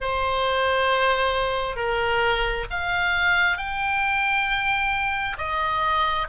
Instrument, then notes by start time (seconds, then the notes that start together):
oboe
0.00 C5
1.76 A#4
2.70 F5
3.57 G5
5.37 D#5